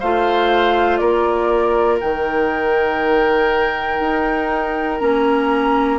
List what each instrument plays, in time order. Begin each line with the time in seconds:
0.00 bassoon A3, clarinet F4, oboe C5, flute F5
0.97 bassoon A#3, oboe A#4, flute D5
2.00 bassoon D#3, clarinet D#4, flute G5
4.00 bassoon D#4
4.98 bassoon A#3, clarinet C#4, flute A#5